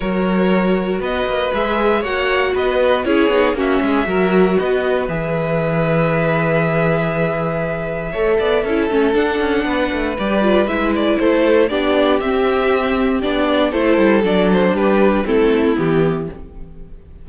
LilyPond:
<<
  \new Staff \with { instrumentName = "violin" } { \time 4/4 \tempo 4 = 118 cis''2 dis''4 e''4 | fis''4 dis''4 cis''4 e''4~ | e''4 dis''4 e''2~ | e''1~ |
e''2 fis''2 | d''4 e''8 d''8 c''4 d''4 | e''2 d''4 c''4 | d''8 c''8 b'4 a'4 g'4 | }
  \new Staff \with { instrumentName = "violin" } { \time 4/4 ais'2 b'2 | cis''4 b'4 gis'4 fis'8 gis'8 | ais'4 b'2.~ | b'1 |
cis''8 d''8 a'2 b'4~ | b'2 a'4 g'4~ | g'2. a'4~ | a'4 g'4 e'2 | }
  \new Staff \with { instrumentName = "viola" } { \time 4/4 fis'2. gis'4 | fis'2 e'8 dis'8 cis'4 | fis'2 gis'2~ | gis'1 |
a'4 e'8 cis'8 d'2 | g'8 f'8 e'2 d'4 | c'2 d'4 e'4 | d'2 c'4 b4 | }
  \new Staff \with { instrumentName = "cello" } { \time 4/4 fis2 b8 ais8 gis4 | ais4 b4 cis'8 b8 ais8 gis8 | fis4 b4 e2~ | e1 |
a8 b8 cis'8 a8 d'8 cis'8 b8 a8 | g4 gis4 a4 b4 | c'2 b4 a8 g8 | fis4 g4 a4 e4 | }
>>